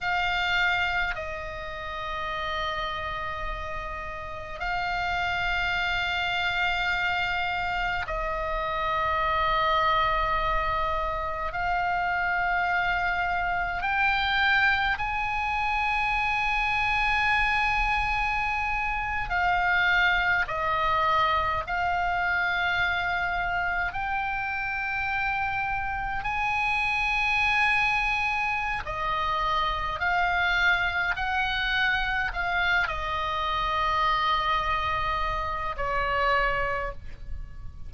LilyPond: \new Staff \with { instrumentName = "oboe" } { \time 4/4 \tempo 4 = 52 f''4 dis''2. | f''2. dis''4~ | dis''2 f''2 | g''4 gis''2.~ |
gis''8. f''4 dis''4 f''4~ f''16~ | f''8. g''2 gis''4~ gis''16~ | gis''4 dis''4 f''4 fis''4 | f''8 dis''2~ dis''8 cis''4 | }